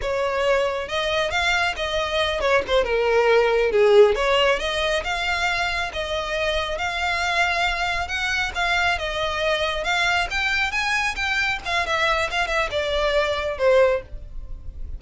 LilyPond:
\new Staff \with { instrumentName = "violin" } { \time 4/4 \tempo 4 = 137 cis''2 dis''4 f''4 | dis''4. cis''8 c''8 ais'4.~ | ais'8 gis'4 cis''4 dis''4 f''8~ | f''4. dis''2 f''8~ |
f''2~ f''8 fis''4 f''8~ | f''8 dis''2 f''4 g''8~ | g''8 gis''4 g''4 f''8 e''4 | f''8 e''8 d''2 c''4 | }